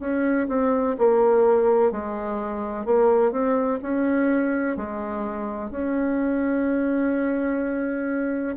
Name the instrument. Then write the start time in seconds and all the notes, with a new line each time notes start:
bassoon
0.00 C#4
0.48 C4
0.98 A#3
1.91 G#3
2.86 A#3
3.32 C4
3.82 C#4
4.77 G#3
5.71 C#4